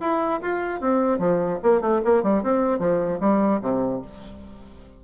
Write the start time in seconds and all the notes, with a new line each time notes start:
0.00 E4
0.41 F4
0.80 C4
1.18 F3
1.63 A#3
1.81 A3
2.04 A#3
2.23 G3
2.43 C4
2.79 F3
3.20 G3
3.61 C3